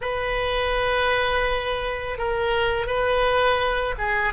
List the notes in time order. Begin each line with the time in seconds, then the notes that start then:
0.01 B4
2.18 A#4
2.86 B4
3.98 G#4